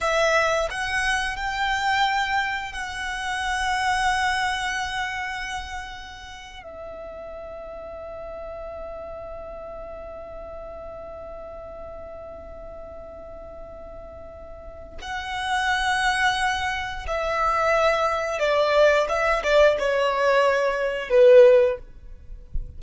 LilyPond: \new Staff \with { instrumentName = "violin" } { \time 4/4 \tempo 4 = 88 e''4 fis''4 g''2 | fis''1~ | fis''4.~ fis''16 e''2~ e''16~ | e''1~ |
e''1~ | e''2 fis''2~ | fis''4 e''2 d''4 | e''8 d''8 cis''2 b'4 | }